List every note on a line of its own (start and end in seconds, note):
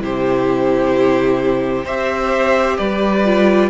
0.00 1.85 C3
0.00 1.85 E4
0.00 1.84 G4
0.00 1.86 C5
1.84 2.77 C4
1.84 3.24 G4
1.84 2.77 C5
1.84 2.77 E5
2.77 3.70 G3
2.77 3.70 B4
2.77 3.70 D5
3.24 3.70 F4